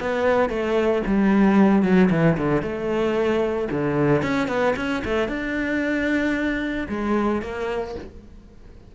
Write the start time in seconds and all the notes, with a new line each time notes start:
0.00 B3
0.49 A3
1.06 G3
1.82 F#3
2.10 E3
2.37 D3
2.62 A3
3.71 D3
4.22 C#4
4.48 B3
4.76 C#4
5.04 A3
5.28 D4
6.88 G#3
7.41 A#3